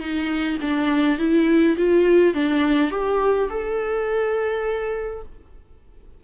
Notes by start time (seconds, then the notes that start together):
0.00 D#4
0.61 D4
1.19 E4
1.77 F4
2.34 D4
2.91 G4
3.50 A4